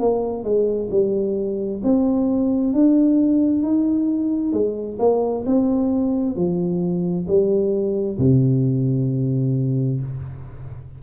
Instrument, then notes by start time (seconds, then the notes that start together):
tuba
0.00 A#3
0.44 G#3
0.91 G3
1.84 C4
2.74 D4
3.63 D#4
4.53 G#3
5.00 A#3
5.46 C4
6.36 F3
7.28 G3
8.19 C3